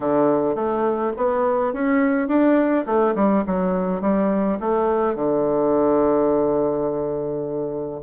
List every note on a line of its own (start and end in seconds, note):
0.00 0.55 D3
0.55 1.12 A3
1.17 1.73 B3
1.73 2.28 C#4
2.28 2.85 D4
2.85 3.14 A3
3.15 3.44 G3
3.46 4.01 F#3
4.01 4.58 G3
4.60 5.15 A3
5.15 8.01 D3